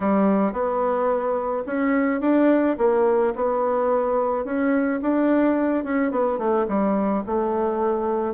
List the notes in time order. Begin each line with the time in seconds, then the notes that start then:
0.00 G3
0.52 B3
1.66 C#4
2.20 D4
2.78 A#3
3.35 B3
4.44 C#4
5.02 D4
5.84 C#4
6.11 B3
6.38 A3
6.67 G3
7.26 A3